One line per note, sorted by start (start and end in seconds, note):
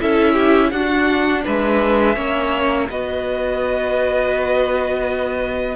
0.00 0.72 C#4
0.00 0.72 E4
0.00 0.33 A4
0.00 0.71 E5
0.33 0.69 G4
0.71 1.44 D4
0.71 2.15 D4
0.71 1.44 F#4
0.71 1.43 F#5
1.44 2.16 G#3
1.44 2.15 B4
1.44 2.90 E5
2.15 2.89 A#3
2.15 2.87 C#4
2.15 2.87 C#5
2.90 5.75 B3
2.90 5.75 F#4
2.90 5.75 B4
2.90 5.75 D#5